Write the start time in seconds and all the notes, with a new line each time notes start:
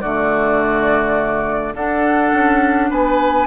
0.00 D3 A3 F#4 D5
1.74 D4 A4 F#5
2.33 C#4
2.90 B3 B4 G#5